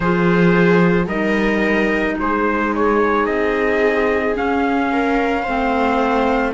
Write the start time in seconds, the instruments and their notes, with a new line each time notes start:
0.00 cello F3, clarinet F4, viola G#4, trumpet C5
1.06 cello G3, clarinet D#4, viola A#4, trumpet D#5
2.19 cello G#3, viola G#4, trumpet C5
2.74 trumpet C#5
3.26 cello C4, trumpet D#5
4.35 clarinet C#4, cello C#4, trumpet F5
4.92 viola A#4
5.43 cello A3, clarinet C4, viola C5